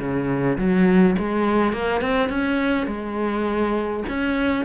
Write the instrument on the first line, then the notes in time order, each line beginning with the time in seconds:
cello
0.00 C#3
0.59 F#3
1.19 G#3
1.73 A#3
2.02 C4
2.30 C#4
2.88 G#3
4.09 C#4